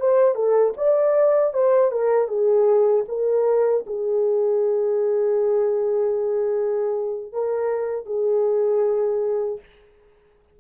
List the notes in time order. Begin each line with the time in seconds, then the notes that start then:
0.00 C5
0.35 A4
0.77 D5
1.53 C5
1.91 A#4
2.28 G#4
3.08 A#4
3.86 G#4
7.32 A#4
8.06 G#4